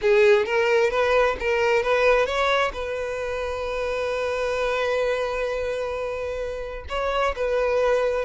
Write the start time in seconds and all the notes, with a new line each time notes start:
0.01 G#4
0.45 A#4
0.90 B4
1.39 A#4
1.82 B4
2.25 C#5
2.73 B4
6.88 C#5
7.36 B4